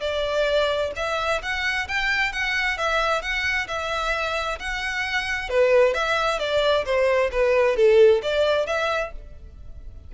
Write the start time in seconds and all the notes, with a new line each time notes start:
0.00 D5
0.96 E5
1.42 F#5
1.88 G5
2.32 F#5
2.77 E5
3.22 F#5
3.67 E5
4.59 F#5
5.49 B4
5.94 E5
6.39 D5
6.85 C5
7.31 B4
7.76 A4
8.22 D5
8.66 E5